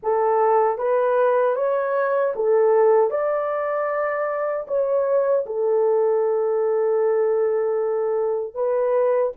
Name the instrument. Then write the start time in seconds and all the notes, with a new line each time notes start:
horn
0.02 A4
0.78 B4
1.55 C#5
2.36 A4
3.10 D5
4.67 C#5
5.45 A4
8.54 B4